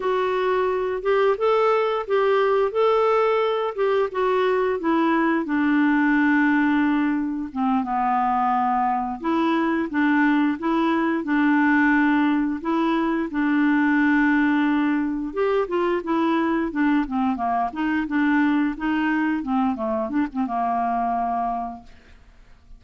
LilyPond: \new Staff \with { instrumentName = "clarinet" } { \time 4/4 \tempo 4 = 88 fis'4. g'8 a'4 g'4 | a'4. g'8 fis'4 e'4 | d'2. c'8 b8~ | b4. e'4 d'4 e'8~ |
e'8 d'2 e'4 d'8~ | d'2~ d'8 g'8 f'8 e'8~ | e'8 d'8 c'8 ais8 dis'8 d'4 dis'8~ | dis'8 c'8 a8 d'16 c'16 ais2 | }